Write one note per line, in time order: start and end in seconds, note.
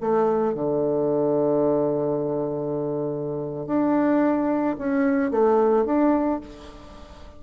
0.00 0.54 A3
0.54 3.66 D3
3.66 4.75 D4
4.78 5.31 C#4
5.31 5.85 A3
5.85 6.40 D4